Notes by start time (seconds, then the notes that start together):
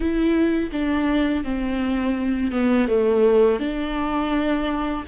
0.00 E4
0.72 D4
1.44 C4
2.51 B3
2.88 A3
3.59 D4